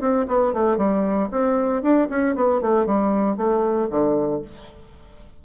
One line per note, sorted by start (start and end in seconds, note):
0.00 0.26 C4
0.27 0.53 B3
0.53 0.77 A3
0.77 1.28 G3
1.31 1.82 C4
1.82 2.08 D4
2.09 2.35 C#4
2.35 2.61 B3
2.61 2.86 A3
2.86 3.36 G3
3.36 3.88 A3
3.90 4.41 D3